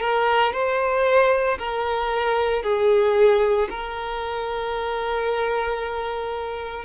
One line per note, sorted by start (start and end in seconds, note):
0.00 0.53 A#4
0.53 1.58 C5
1.58 2.63 A#4
2.63 3.68 G#4
3.69 6.84 A#4